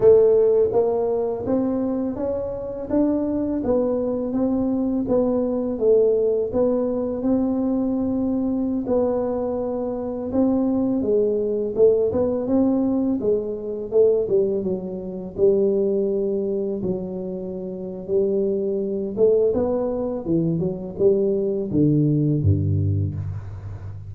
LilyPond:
\new Staff \with { instrumentName = "tuba" } { \time 4/4 \tempo 4 = 83 a4 ais4 c'4 cis'4 | d'4 b4 c'4 b4 | a4 b4 c'2~ | c'16 b2 c'4 gis8.~ |
gis16 a8 b8 c'4 gis4 a8 g16~ | g16 fis4 g2 fis8.~ | fis4 g4. a8 b4 | e8 fis8 g4 d4 g,4 | }